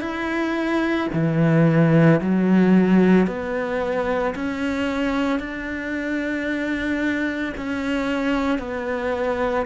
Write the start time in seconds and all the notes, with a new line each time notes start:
0.00 E4
1.13 E3
2.21 F#3
3.27 B3
4.34 C#4
5.39 D4
7.56 C#4
8.58 B3